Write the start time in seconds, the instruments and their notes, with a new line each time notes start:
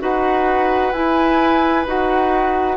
0.00 bassoon D#4, clarinet F#4, oboe B4, flute F#5
0.93 bassoon E4, clarinet E4, flute G#5
1.86 bassoon D#4, clarinet F#4, flute F#5